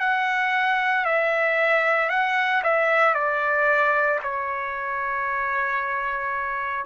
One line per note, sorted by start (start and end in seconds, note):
0.00 1.05 F#5
1.05 2.10 E5
2.10 2.62 F#5
2.63 3.14 E5
3.14 4.20 D5
4.23 6.86 C#5